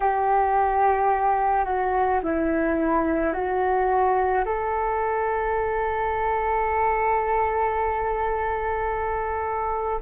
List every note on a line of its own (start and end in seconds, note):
0.00 1.64 G4
1.64 2.20 F#4
2.22 3.33 E4
3.33 4.44 F#4
4.44 10.00 A4